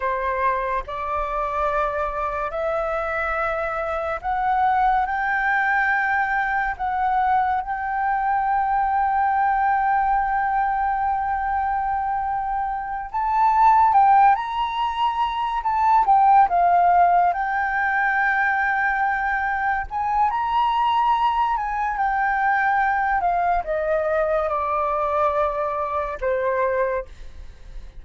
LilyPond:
\new Staff \with { instrumentName = "flute" } { \time 4/4 \tempo 4 = 71 c''4 d''2 e''4~ | e''4 fis''4 g''2 | fis''4 g''2.~ | g''2.~ g''8 a''8~ |
a''8 g''8 ais''4. a''8 g''8 f''8~ | f''8 g''2. gis''8 | ais''4. gis''8 g''4. f''8 | dis''4 d''2 c''4 | }